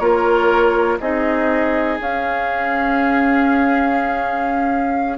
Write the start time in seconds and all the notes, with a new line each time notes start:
0.00 A#3 F4 A#4 C#5
1.01 C4 D#4 G#4 D#5
2.00 C#4 F5